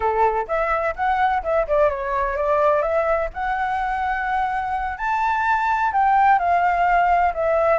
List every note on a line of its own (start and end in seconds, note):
0.00 0.46 A4
0.47 0.94 E5
0.95 1.43 F#5
1.43 1.66 E5
1.67 1.89 D5
1.89 2.36 C#5
2.36 2.82 D5
2.82 3.29 E5
3.33 4.97 F#5
4.97 5.92 A5
5.92 6.38 G5
6.38 7.33 F5
7.34 7.79 E5